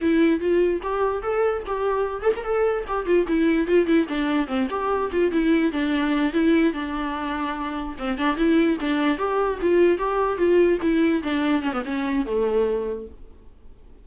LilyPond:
\new Staff \with { instrumentName = "viola" } { \time 4/4 \tempo 4 = 147 e'4 f'4 g'4 a'4 | g'4. a'16 ais'16 a'4 g'8 f'8 | e'4 f'8 e'8 d'4 c'8 g'8~ | g'8 f'8 e'4 d'4. e'8~ |
e'8 d'2. c'8 | d'8 e'4 d'4 g'4 f'8~ | f'8 g'4 f'4 e'4 d'8~ | d'8 cis'16 b16 cis'4 a2 | }